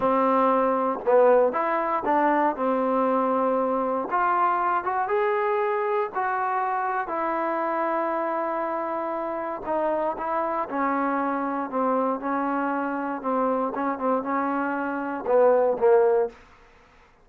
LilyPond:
\new Staff \with { instrumentName = "trombone" } { \time 4/4 \tempo 4 = 118 c'2 b4 e'4 | d'4 c'2. | f'4. fis'8 gis'2 | fis'2 e'2~ |
e'2. dis'4 | e'4 cis'2 c'4 | cis'2 c'4 cis'8 c'8 | cis'2 b4 ais4 | }